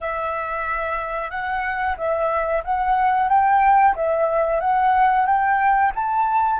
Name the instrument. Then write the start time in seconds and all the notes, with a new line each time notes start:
flute
0.01 E5
1.30 F#5
1.97 E5
2.64 F#5
3.28 G5
3.95 E5
4.60 F#5
5.26 G5
5.95 A5